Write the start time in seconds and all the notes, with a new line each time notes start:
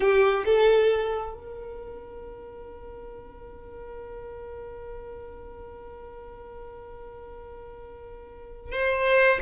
0.00 G4
0.45 A4
1.34 A#4
8.72 C5